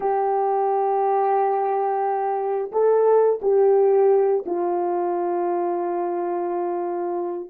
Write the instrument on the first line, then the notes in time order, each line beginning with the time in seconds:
horn
0.00 G4
2.71 A4
3.42 G4
4.46 F4